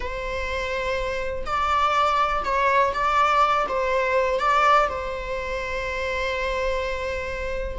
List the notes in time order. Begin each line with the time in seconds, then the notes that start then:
0.00 C5
1.45 D5
2.44 C#5
2.93 D5
3.68 C5
4.39 D5
4.88 C5